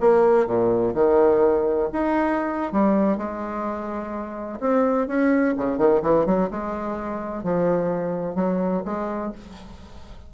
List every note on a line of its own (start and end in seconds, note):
0.00 0.46 A#3
0.46 0.94 A#2
0.94 1.89 D#3
1.92 2.72 D#4
2.72 3.17 G3
3.17 4.59 G#3
4.60 5.07 C4
5.07 5.55 C#4
5.57 5.78 C#3
5.78 6.02 D#3
6.02 6.26 E3
6.26 6.49 F#3
6.50 7.43 G#3
7.43 8.35 F3
8.35 8.82 F#3
8.85 9.32 G#3